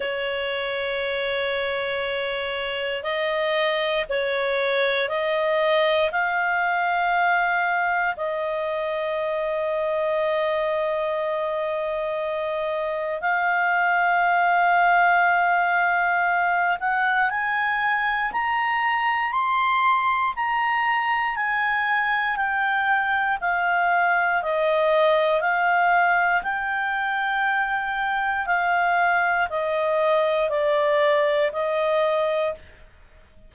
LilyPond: \new Staff \with { instrumentName = "clarinet" } { \time 4/4 \tempo 4 = 59 cis''2. dis''4 | cis''4 dis''4 f''2 | dis''1~ | dis''4 f''2.~ |
f''8 fis''8 gis''4 ais''4 c'''4 | ais''4 gis''4 g''4 f''4 | dis''4 f''4 g''2 | f''4 dis''4 d''4 dis''4 | }